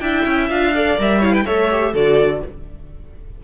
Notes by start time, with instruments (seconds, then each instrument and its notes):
0.00 cello D4, viola E4, violin E5 G5
0.26 cello C#4
0.50 cello D4, viola F4, violin F5
0.75 viola A4, violin D5
0.98 cello G3, viola A#4, violin E5
1.20 viola E4, violin C#5 F5
1.32 violin B4 G5
1.46 cello A3, viola A4, violin C#5 E5
1.71 viola G4
1.93 cello D3, viola F#4, violin A4 D5